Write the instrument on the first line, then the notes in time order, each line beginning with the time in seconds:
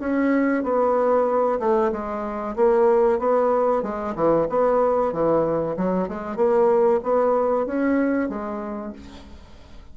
bassoon
0.00 C#4
0.64 B3
1.60 A3
1.92 G#3
2.56 A#3
3.19 B3
3.83 G#3
4.15 E3
4.49 B3
5.13 E3
5.77 F#3
6.08 G#3
6.37 A#3
7.03 B3
7.67 C#4
8.29 G#3